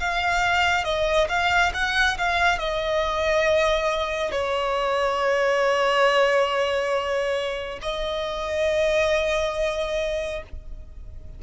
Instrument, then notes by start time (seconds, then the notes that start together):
violin
0.00 F5
0.84 D#5
1.28 F5
1.74 F#5
2.18 F5
2.58 D#5
4.31 C#5
7.82 D#5